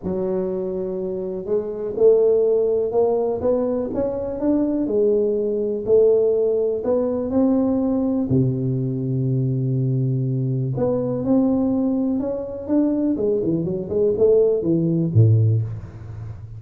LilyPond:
\new Staff \with { instrumentName = "tuba" } { \time 4/4 \tempo 4 = 123 fis2. gis4 | a2 ais4 b4 | cis'4 d'4 gis2 | a2 b4 c'4~ |
c'4 c2.~ | c2 b4 c'4~ | c'4 cis'4 d'4 gis8 e8 | fis8 gis8 a4 e4 a,4 | }